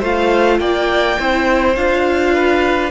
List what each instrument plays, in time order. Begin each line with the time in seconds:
0.00 cello A3, viola F4, violin C5 F5
0.60 cello A#3, violin D5 G5
1.19 cello C4, viola E4, violin C5
1.76 cello D4, viola F4, violin F5
2.34 violin B4